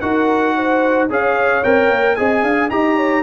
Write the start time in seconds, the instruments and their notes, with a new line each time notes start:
0.00 tuba D#4, trombone F#4, horn A#4, trumpet F#5
0.56 horn C5
1.09 tuba C#4, trombone G#4, horn C#5, trumpet F5
1.63 tuba C4, trombone A#4, trumpet G5
1.89 tuba A#3
2.15 tuba C4, trombone G#4, horn D#5, trumpet G#5
2.42 tuba D4, horn F5
2.70 tuba D#4, trombone G4, horn D#5, trumpet A#5
2.96 horn C#5